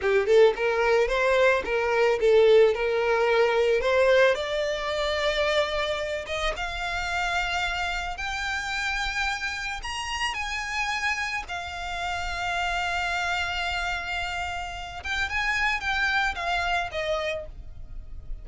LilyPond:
\new Staff \with { instrumentName = "violin" } { \time 4/4 \tempo 4 = 110 g'8 a'8 ais'4 c''4 ais'4 | a'4 ais'2 c''4 | d''2.~ d''8 dis''8 | f''2. g''4~ |
g''2 ais''4 gis''4~ | gis''4 f''2.~ | f''2.~ f''8 g''8 | gis''4 g''4 f''4 dis''4 | }